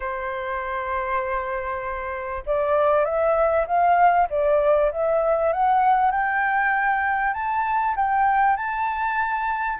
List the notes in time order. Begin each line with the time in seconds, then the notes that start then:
0.00 C5
2.46 D5
3.04 E5
3.67 F5
4.30 D5
4.91 E5
5.52 F#5
6.11 G5
7.33 A5
7.96 G5
8.56 A5